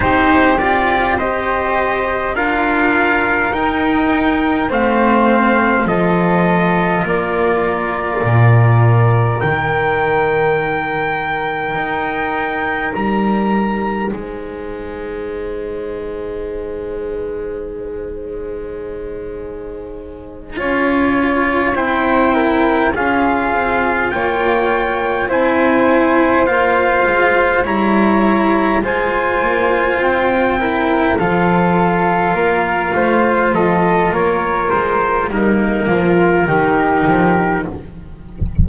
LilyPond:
<<
  \new Staff \with { instrumentName = "trumpet" } { \time 4/4 \tempo 4 = 51 c''8 d''8 dis''4 f''4 g''4 | f''4 dis''4 d''2 | g''2. ais''4 | gis''1~ |
gis''2~ gis''8 g''4 f''8~ | f''8 g''4 gis''4 f''4 ais''8~ | ais''8 gis''4 g''4 f''4.~ | f''8 dis''8 cis''8 c''8 ais'2 | }
  \new Staff \with { instrumentName = "flute" } { \time 4/4 g'4 c''4 ais'2 | c''4 a'4 ais'2~ | ais'1 | c''1~ |
c''4. cis''4 c''8 ais'8 gis'8~ | gis'8 cis''4 c''2 cis''8~ | cis''8 c''4. ais'8 a'4 ais'8 | c''8 a'8 ais'4 dis'8 f'8 g'4 | }
  \new Staff \with { instrumentName = "cello" } { \time 4/4 dis'8 f'8 g'4 f'4 dis'4 | c'4 f'2. | dis'1~ | dis'1~ |
dis'4. f'4 e'4 f'8~ | f'4. e'4 f'4 e'8~ | e'8 f'4. e'8 f'4.~ | f'2 ais4 dis'4 | }
  \new Staff \with { instrumentName = "double bass" } { \time 4/4 c'2 d'4 dis'4 | a4 f4 ais4 ais,4 | dis2 dis'4 g4 | gis1~ |
gis4. cis'4 c'4 cis'8 | c'8 ais4 c'4 ais8 gis8 g8~ | g8 gis8 ais8 c'4 f4 ais8 | a8 f8 ais8 gis8 g8 f8 dis8 f8 | }
>>